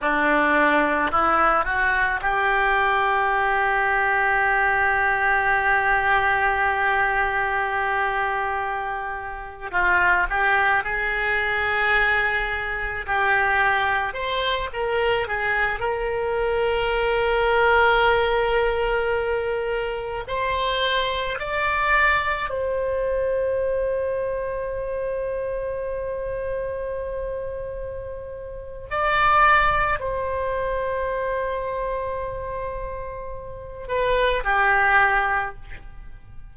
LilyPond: \new Staff \with { instrumentName = "oboe" } { \time 4/4 \tempo 4 = 54 d'4 e'8 fis'8 g'2~ | g'1~ | g'8. f'8 g'8 gis'2 g'16~ | g'8. c''8 ais'8 gis'8 ais'4.~ ais'16~ |
ais'2~ ais'16 c''4 d''8.~ | d''16 c''2.~ c''8.~ | c''2 d''4 c''4~ | c''2~ c''8 b'8 g'4 | }